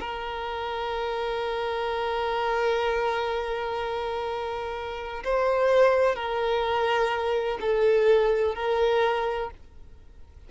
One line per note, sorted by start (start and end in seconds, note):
0.00 5.24 A#4
5.25 6.16 C5
6.16 7.59 A#4
7.61 8.55 A4
8.55 9.51 A#4